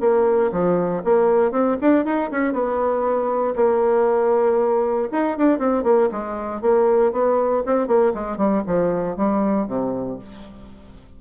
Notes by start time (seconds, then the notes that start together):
0.00 A#3
0.52 F3
1.04 A#3
1.51 C4
1.81 D4
2.05 D#4
2.31 C#4
2.53 B3
3.55 A#3
5.12 D#4
5.37 D4
5.58 C4
5.83 A#3
6.11 G#3
6.61 A#3
7.12 B3
7.66 C4
7.87 A#3
8.14 G#3
8.37 G3
8.66 F3
9.17 G3
9.67 C3